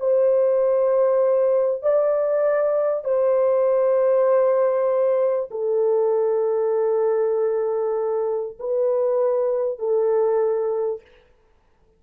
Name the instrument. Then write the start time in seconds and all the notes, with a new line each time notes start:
horn
0.00 C5
1.83 D5
3.05 C5
5.51 A4
8.60 B4
9.79 A4